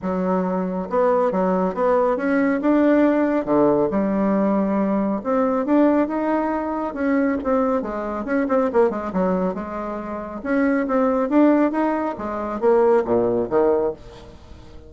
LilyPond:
\new Staff \with { instrumentName = "bassoon" } { \time 4/4 \tempo 4 = 138 fis2 b4 fis4 | b4 cis'4 d'2 | d4 g2. | c'4 d'4 dis'2 |
cis'4 c'4 gis4 cis'8 c'8 | ais8 gis8 fis4 gis2 | cis'4 c'4 d'4 dis'4 | gis4 ais4 ais,4 dis4 | }